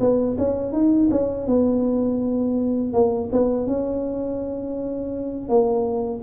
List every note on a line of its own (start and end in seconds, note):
0.00 0.37 B3
0.38 0.72 C#4
0.72 1.09 D#4
1.11 1.47 C#4
1.47 2.93 B3
2.93 3.30 A#3
3.32 3.67 B3
3.67 5.49 C#4
5.49 6.22 A#3